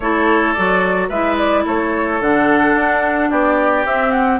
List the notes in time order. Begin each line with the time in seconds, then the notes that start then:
0.00 A3 E4 A4 C#5
0.53 F#3 F#4 D5
1.08 G#3 E4 B4 E5
1.37 D5
1.64 A3 A4 C#5
2.20 D3 D4 F#5
2.75 D4
3.30 B3 G4 D5
3.85 C4 E5
4.11 F#5